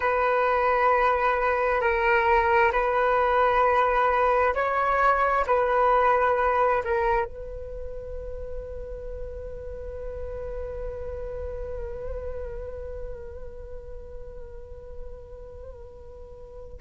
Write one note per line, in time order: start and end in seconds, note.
0.00 1.80 B4
1.80 2.71 A#4
2.71 4.53 B4
4.54 5.45 C#5
5.47 6.83 B4
6.83 7.24 A#4
7.24 16.79 B4